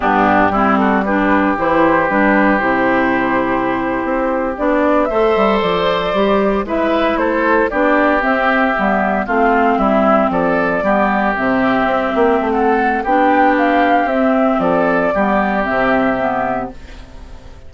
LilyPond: <<
  \new Staff \with { instrumentName = "flute" } { \time 4/4 \tempo 4 = 115 g'4. a'8 b'4 c''4 | b'4 c''2.~ | c''8. d''4 e''4 d''4~ d''16~ | d''8. e''4 c''4 d''4 e''16~ |
e''4.~ e''16 f''4 e''4 d''16~ | d''4.~ d''16 e''2~ e''16 | fis''4 g''4 f''4 e''4 | d''2 e''2 | }
  \new Staff \with { instrumentName = "oboe" } { \time 4/4 d'4 e'8 fis'8 g'2~ | g'1~ | g'4.~ g'16 c''2~ c''16~ | c''8. b'4 a'4 g'4~ g'16~ |
g'4.~ g'16 f'4 e'4 a'16~ | a'8. g'2.~ g'16 | a'4 g'2. | a'4 g'2. | }
  \new Staff \with { instrumentName = "clarinet" } { \time 4/4 b4 c'4 d'4 e'4 | d'4 e'2.~ | e'8. d'4 a'2 g'16~ | g'8. e'2 d'4 c'16~ |
c'8. b4 c'2~ c'16~ | c'8. b4 c'2~ c'16~ | c'4 d'2 c'4~ | c'4 b4 c'4 b4 | }
  \new Staff \with { instrumentName = "bassoon" } { \time 4/4 g,4 g2 e4 | g4 c2~ c8. c'16~ | c'8. b4 a8 g8 f4 g16~ | g8. gis4 a4 b4 c'16~ |
c'8. g4 a4 g4 f16~ | f8. g4 c4 c'8 ais8 a16~ | a4 b2 c'4 | f4 g4 c2 | }
>>